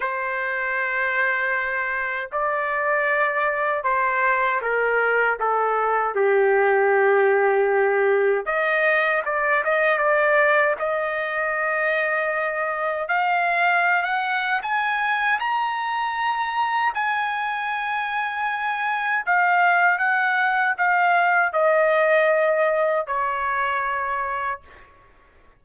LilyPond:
\new Staff \with { instrumentName = "trumpet" } { \time 4/4 \tempo 4 = 78 c''2. d''4~ | d''4 c''4 ais'4 a'4 | g'2. dis''4 | d''8 dis''8 d''4 dis''2~ |
dis''4 f''4~ f''16 fis''8. gis''4 | ais''2 gis''2~ | gis''4 f''4 fis''4 f''4 | dis''2 cis''2 | }